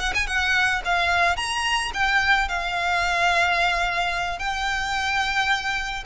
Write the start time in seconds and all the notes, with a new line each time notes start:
0.00 F#5
0.15 G#5
0.27 F#5
0.85 F5
1.37 A#5
1.94 G5
2.49 F5
4.39 G5